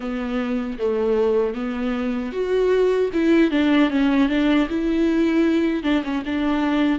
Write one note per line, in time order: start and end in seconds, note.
0.00 0.78 B3
0.78 1.54 A3
1.54 2.32 B3
2.32 3.10 F#4
3.13 3.51 E4
3.51 3.90 D4
3.90 4.29 C#4
4.29 4.68 D4
4.69 5.83 E4
5.83 6.02 D4
6.04 6.23 C#4
6.25 6.99 D4